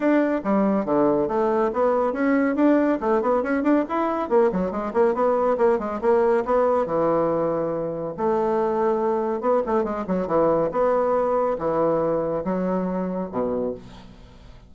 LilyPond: \new Staff \with { instrumentName = "bassoon" } { \time 4/4 \tempo 4 = 140 d'4 g4 d4 a4 | b4 cis'4 d'4 a8 b8 | cis'8 d'8 e'4 ais8 fis8 gis8 ais8 | b4 ais8 gis8 ais4 b4 |
e2. a4~ | a2 b8 a8 gis8 fis8 | e4 b2 e4~ | e4 fis2 b,4 | }